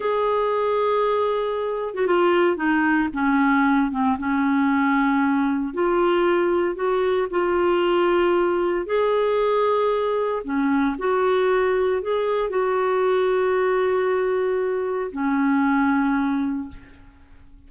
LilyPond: \new Staff \with { instrumentName = "clarinet" } { \time 4/4 \tempo 4 = 115 gis'2.~ gis'8. fis'16 | f'4 dis'4 cis'4. c'8 | cis'2. f'4~ | f'4 fis'4 f'2~ |
f'4 gis'2. | cis'4 fis'2 gis'4 | fis'1~ | fis'4 cis'2. | }